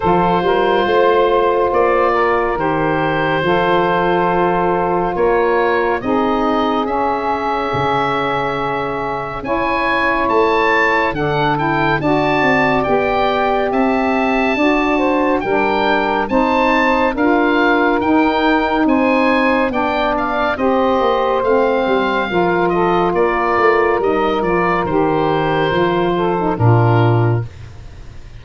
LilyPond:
<<
  \new Staff \with { instrumentName = "oboe" } { \time 4/4 \tempo 4 = 70 c''2 d''4 c''4~ | c''2 cis''4 dis''4 | e''2. gis''4 | a''4 fis''8 g''8 a''4 g''4 |
a''2 g''4 a''4 | f''4 g''4 gis''4 g''8 f''8 | dis''4 f''4. dis''8 d''4 | dis''8 d''8 c''2 ais'4 | }
  \new Staff \with { instrumentName = "saxophone" } { \time 4/4 a'8 ais'8 c''4. ais'4. | a'2 ais'4 gis'4~ | gis'2. cis''4~ | cis''4 a'4 d''2 |
e''4 d''8 c''8 ais'4 c''4 | ais'2 c''4 d''4 | c''2 ais'8 a'8 ais'4~ | ais'2~ ais'8 a'8 f'4 | }
  \new Staff \with { instrumentName = "saxophone" } { \time 4/4 f'2. g'4 | f'2. dis'4 | cis'2. e'4~ | e'4 d'8 e'8 fis'4 g'4~ |
g'4 fis'4 d'4 dis'4 | f'4 dis'2 d'4 | g'4 c'4 f'2 | dis'8 f'8 g'4 f'8. dis'16 d'4 | }
  \new Staff \with { instrumentName = "tuba" } { \time 4/4 f8 g8 a4 ais4 dis4 | f2 ais4 c'4 | cis'4 cis2 cis'4 | a4 d4 d'8 c'8 b4 |
c'4 d'4 g4 c'4 | d'4 dis'4 c'4 b4 | c'8 ais8 a8 g8 f4 ais8 a8 | g8 f8 dis4 f4 ais,4 | }
>>